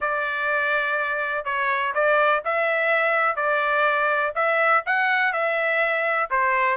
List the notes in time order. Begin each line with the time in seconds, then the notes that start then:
0.00 D5
1.45 C#5
1.94 D5
2.44 E5
3.36 D5
4.35 E5
4.86 F#5
5.32 E5
6.30 C5